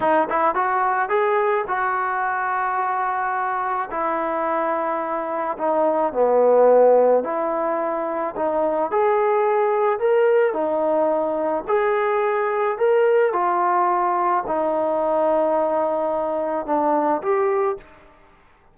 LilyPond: \new Staff \with { instrumentName = "trombone" } { \time 4/4 \tempo 4 = 108 dis'8 e'8 fis'4 gis'4 fis'4~ | fis'2. e'4~ | e'2 dis'4 b4~ | b4 e'2 dis'4 |
gis'2 ais'4 dis'4~ | dis'4 gis'2 ais'4 | f'2 dis'2~ | dis'2 d'4 g'4 | }